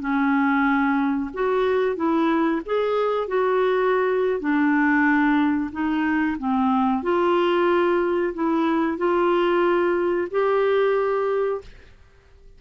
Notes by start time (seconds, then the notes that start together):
0.00 C#4
1.33 F#4
1.96 E4
2.66 G#4
3.28 F#4
4.40 D4
5.72 D#4
6.38 C4
7.03 F4
8.34 E4
8.98 F4
10.31 G4